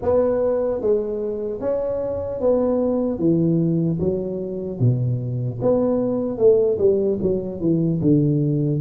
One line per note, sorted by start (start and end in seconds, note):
0.01 0.81 B3
0.81 1.60 G#3
1.60 2.40 C#4
2.40 3.18 B3
3.18 3.98 E3
3.99 4.79 F#3
4.79 5.59 B2
5.61 6.38 B3
6.38 6.78 A3
6.78 7.18 G3
7.21 7.60 F#3
7.60 8.00 E3
8.01 8.80 D3